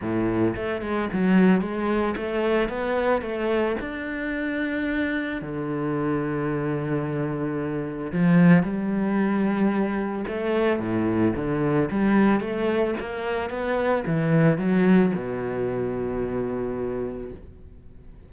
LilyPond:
\new Staff \with { instrumentName = "cello" } { \time 4/4 \tempo 4 = 111 a,4 a8 gis8 fis4 gis4 | a4 b4 a4 d'4~ | d'2 d2~ | d2. f4 |
g2. a4 | a,4 d4 g4 a4 | ais4 b4 e4 fis4 | b,1 | }